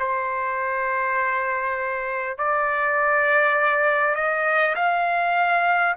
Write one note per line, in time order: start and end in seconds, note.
0.00 2.38 C5
2.38 4.16 D5
4.16 4.76 D#5
4.76 5.96 F5